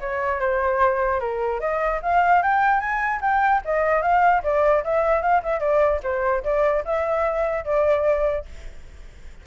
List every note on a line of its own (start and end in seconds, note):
0.00 0.40 C#5
0.40 1.20 C5
1.20 1.60 A#4
1.60 2.00 D#5
2.02 2.42 F5
2.42 2.80 G5
2.80 3.20 G#5
3.21 3.61 G5
3.65 4.02 D#5
4.02 4.42 F5
4.43 4.83 D5
4.84 5.22 E5
5.22 5.42 F5
5.43 5.59 E5
5.59 6.00 D5
6.03 6.43 C5
6.43 6.84 D5
6.85 7.64 E5
7.64 8.45 D5